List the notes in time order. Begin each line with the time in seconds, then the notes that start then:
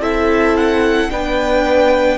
0.00 C4 E4 A4 E5
0.57 F#5
1.10 B3 D4 B4 G5